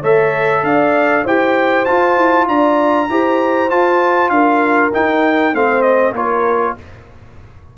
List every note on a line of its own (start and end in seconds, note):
0.00 0.64 A3
0.00 1.26 A4
0.00 0.61 C#5
0.00 0.65 E5
0.64 1.25 D4
0.64 1.24 D5
0.64 1.26 F5
1.24 1.88 E4
1.24 1.86 G4
1.24 2.47 C5
1.24 1.85 G5
1.85 3.09 F4
1.85 2.17 F4
1.85 2.47 A5
2.17 2.48 E4
2.48 3.09 D4
2.48 3.10 D5
2.48 3.70 A#5
3.10 3.71 E4
3.10 3.70 G4
3.10 4.34 C5
3.70 4.92 F4
3.70 4.30 F4
3.70 4.30 A5
4.30 4.91 D4
4.30 5.56 A#4
4.30 4.91 F5
4.93 5.54 D#4
4.93 5.53 D#4
4.93 5.55 G5
5.53 6.12 A3
5.53 6.15 C4
5.53 6.14 C5
5.53 5.82 F5
5.82 6.13 D#5
6.12 6.73 A#3
6.12 6.78 F4
6.12 6.76 A#4
6.12 6.77 C#5